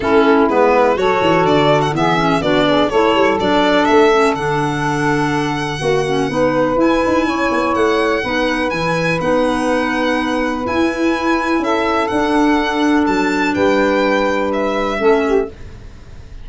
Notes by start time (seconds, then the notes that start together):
0.00 A3 C#4 E4 A4
0.48 G#3 B3 B4
0.95 F#3 F#4 A4 C#5
1.21 E3
1.44 D3 D5
1.81 F#5
1.91 E3 B3 G#4 E5
2.17 C#4
2.40 B3 D4 F#4 D5
2.66 G#4
2.89 A3 E4 A4 C#5
3.15 G3
3.39 F#3 D4 D5
3.85 A3 E5
4.12 C#4
4.35 D3 D4 F#5
5.79 A#3 F#4
6.07 C#4
6.28 B3 D#4 B4
6.76 E4 G#5
7.06 D#4
7.26 C#4 C#5
7.51 B3
7.74 A3 F#5
8.22 B3 D#4 B4
8.70 E3 E4 G#5
9.20 B3 D#4 F#5
10.64 E4 G#5
11.59 C#4 A4 E5
12.07 D4 F#5
13.06 F#3 A5
13.53 G3 B4 G5
14.52 E5
14.97 A3 C#4 A4
15.25 G4